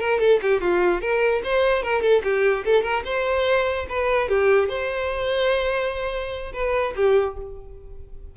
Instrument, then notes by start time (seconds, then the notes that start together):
violin
0.00 A#4
0.20 A4
0.43 G4
0.61 F4
1.01 A#4
1.44 C5
1.83 A#4
2.02 A4
2.24 G4
2.65 A4
2.83 A#4
3.05 C5
3.90 B4
4.29 G4
4.69 C5
6.54 B4
6.96 G4